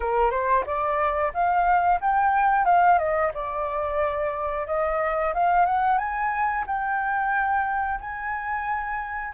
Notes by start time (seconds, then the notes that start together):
0.00 A#4
0.31 C5
0.65 D5
1.33 F5
2.00 G5
2.65 F5
2.98 D#5
3.34 D5
4.66 D#5
5.34 F5
5.65 F#5
5.98 G#5
6.66 G5
8.00 G#5